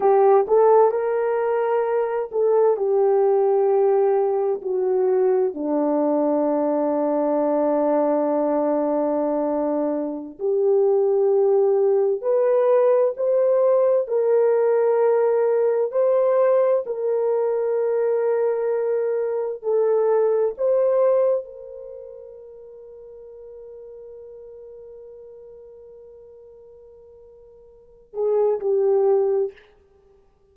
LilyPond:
\new Staff \with { instrumentName = "horn" } { \time 4/4 \tempo 4 = 65 g'8 a'8 ais'4. a'8 g'4~ | g'4 fis'4 d'2~ | d'2.~ d'16 g'8.~ | g'4~ g'16 b'4 c''4 ais'8.~ |
ais'4~ ais'16 c''4 ais'4.~ ais'16~ | ais'4~ ais'16 a'4 c''4 ais'8.~ | ais'1~ | ais'2~ ais'8 gis'8 g'4 | }